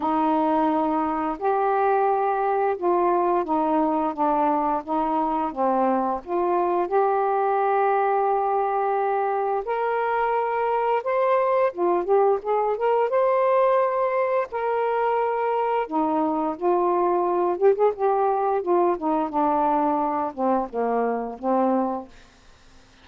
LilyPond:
\new Staff \with { instrumentName = "saxophone" } { \time 4/4 \tempo 4 = 87 dis'2 g'2 | f'4 dis'4 d'4 dis'4 | c'4 f'4 g'2~ | g'2 ais'2 |
c''4 f'8 g'8 gis'8 ais'8 c''4~ | c''4 ais'2 dis'4 | f'4. g'16 gis'16 g'4 f'8 dis'8 | d'4. c'8 ais4 c'4 | }